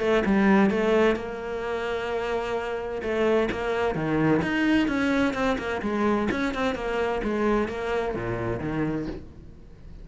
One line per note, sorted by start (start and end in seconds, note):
0.00 0.23 A3
0.25 0.70 G3
0.70 1.16 A3
1.16 3.02 A#3
3.02 3.49 A3
3.51 3.95 A#3
3.95 4.41 D#3
4.42 4.88 D#4
4.88 5.34 C#4
5.34 5.57 C4
5.58 5.81 A#3
5.82 6.29 G#3
6.31 6.54 C#4
6.54 6.75 C4
6.75 7.21 A#3
7.23 7.68 G#3
7.68 8.14 A#3
8.14 8.60 A#2
8.60 9.06 D#3